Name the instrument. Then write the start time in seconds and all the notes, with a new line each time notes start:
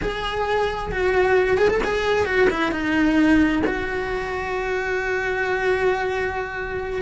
cello
0.01 G#4
0.91 F#4
1.57 G#4
1.69 A4
1.84 G#4
2.25 F#4
2.49 E4
2.71 D#4
3.66 F#4